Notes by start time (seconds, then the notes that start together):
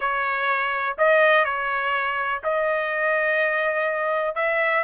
0.00 C#5
0.98 D#5
1.45 C#5
2.43 D#5
4.35 E5